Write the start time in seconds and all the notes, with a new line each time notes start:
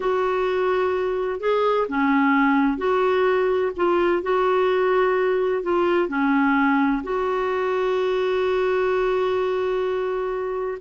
0.00 F#4
1.40 G#4
1.88 C#4
2.77 F#4
3.76 F4
4.22 F#4
5.62 F4
6.08 C#4
7.03 F#4